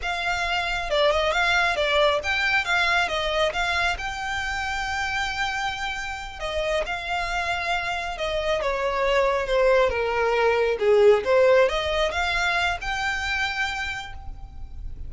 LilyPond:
\new Staff \with { instrumentName = "violin" } { \time 4/4 \tempo 4 = 136 f''2 d''8 dis''8 f''4 | d''4 g''4 f''4 dis''4 | f''4 g''2.~ | g''2~ g''8 dis''4 f''8~ |
f''2~ f''8 dis''4 cis''8~ | cis''4. c''4 ais'4.~ | ais'8 gis'4 c''4 dis''4 f''8~ | f''4 g''2. | }